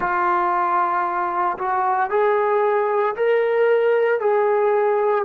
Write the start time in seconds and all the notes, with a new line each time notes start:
0.00 F4
1.57 F#4
2.10 G#4
3.16 A#4
4.20 G#4